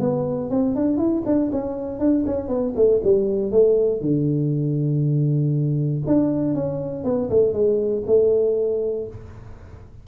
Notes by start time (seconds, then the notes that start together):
0.00 B3
0.50 C4
0.75 D4
0.98 E4
1.26 D4
1.52 C#4
2.00 D4
2.26 C#4
2.48 B3
2.76 A3
3.04 G3
3.52 A3
4.01 D3
6.07 D4
6.55 C#4
7.05 B3
7.30 A3
7.53 G#3
8.07 A3